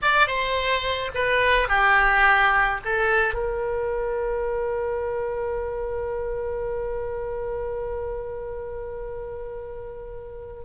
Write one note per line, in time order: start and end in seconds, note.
0.02 0.27 D5
0.27 1.11 C5
1.14 1.68 B4
1.68 2.80 G4
2.84 3.34 A4
3.34 10.63 A#4